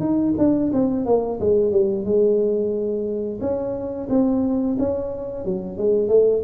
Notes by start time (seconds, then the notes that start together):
0.00 D#4
0.38 D4
0.73 C4
1.06 A#3
1.40 G#3
1.72 G3
2.05 G#3
3.41 C#4
4.09 C4
4.79 C#4
5.45 F#3
5.78 G#3
6.09 A3